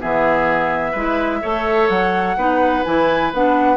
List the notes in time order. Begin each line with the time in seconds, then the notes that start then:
0.00 E3 B3 G#4 E5
0.92 G#3 E4 B4
1.42 A3 A4 C#5
1.89 F#3 F#5
2.36 B3 D#4 B4
2.84 E3 E4 G#5
3.33 B3 D4 F#5